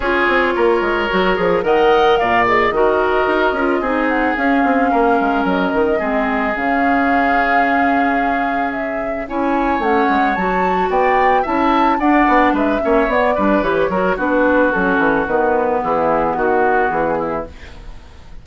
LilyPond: <<
  \new Staff \with { instrumentName = "flute" } { \time 4/4 \tempo 4 = 110 cis''2. fis''4 | f''8 dis''2. fis''8 | f''2 dis''2 | f''1 |
e''4 gis''4 fis''4 a''4 | g''4 a''4 fis''4 e''4 | d''4 cis''4 b'4 a'4 | b'4 gis'4 fis'4 gis'4 | }
  \new Staff \with { instrumentName = "oboe" } { \time 4/4 gis'4 ais'2 dis''4 | d''4 ais'2 gis'4~ | gis'4 ais'2 gis'4~ | gis'1~ |
gis'4 cis''2. | d''4 e''4 d''4 b'8 cis''8~ | cis''8 b'4 ais'8 fis'2~ | fis'4 e'4 fis'4. e'8 | }
  \new Staff \with { instrumentName = "clarinet" } { \time 4/4 f'2 fis'8 gis'8 ais'4~ | ais'8 gis'8 fis'4. f'8 dis'4 | cis'2. c'4 | cis'1~ |
cis'4 e'4 cis'4 fis'4~ | fis'4 e'4 d'4. cis'8 | b8 d'8 g'8 fis'8 d'4 cis'4 | b1 | }
  \new Staff \with { instrumentName = "bassoon" } { \time 4/4 cis'8 c'8 ais8 gis8 fis8 f8 dis4 | ais,4 dis4 dis'8 cis'8 c'4 | cis'8 c'8 ais8 gis8 fis8 dis8 gis4 | cis1~ |
cis4 cis'4 a8 gis8 fis4 | b4 cis'4 d'8 b8 gis8 ais8 | b8 g8 e8 fis8 b4 fis8 e8 | dis4 e4 dis4 e4 | }
>>